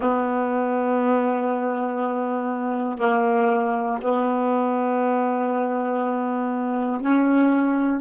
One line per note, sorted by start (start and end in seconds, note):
0.00 2.98 B3
2.98 3.98 A#3
4.01 7.00 B3
7.00 8.00 C#4